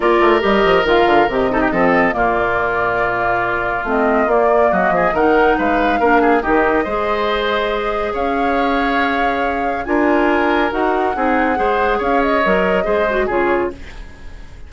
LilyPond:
<<
  \new Staff \with { instrumentName = "flute" } { \time 4/4 \tempo 4 = 140 d''4 dis''4 f''4 dis''4~ | dis''4 d''2.~ | d''4 dis''4 d''4 dis''4 | fis''4 f''2 dis''4~ |
dis''2. f''4~ | f''2. gis''4~ | gis''4 fis''2. | f''8 dis''2~ dis''8 cis''4 | }
  \new Staff \with { instrumentName = "oboe" } { \time 4/4 ais'2.~ ais'8 a'16 g'16 | a'4 f'2.~ | f'2. fis'8 gis'8 | ais'4 b'4 ais'8 gis'8 g'4 |
c''2. cis''4~ | cis''2. ais'4~ | ais'2 gis'4 c''4 | cis''2 c''4 gis'4 | }
  \new Staff \with { instrumentName = "clarinet" } { \time 4/4 f'4 g'4 f'4 g'8 dis'8 | c'4 ais2.~ | ais4 c'4 ais2 | dis'2 d'4 dis'4 |
gis'1~ | gis'2. f'4~ | f'4 fis'4 dis'4 gis'4~ | gis'4 ais'4 gis'8 fis'8 f'4 | }
  \new Staff \with { instrumentName = "bassoon" } { \time 4/4 ais8 a8 g8 f8 dis8 d8 c4 | f4 ais,2.~ | ais,4 a4 ais4 fis8 f8 | dis4 gis4 ais4 dis4 |
gis2. cis'4~ | cis'2. d'4~ | d'4 dis'4 c'4 gis4 | cis'4 fis4 gis4 cis4 | }
>>